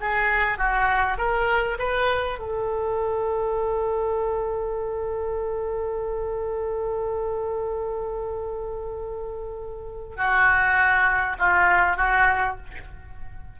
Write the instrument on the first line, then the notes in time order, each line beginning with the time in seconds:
oboe
0.00 G#4
0.58 F#4
1.18 A#4
1.79 B4
2.38 A4
10.16 F#4
11.39 F4
11.96 F#4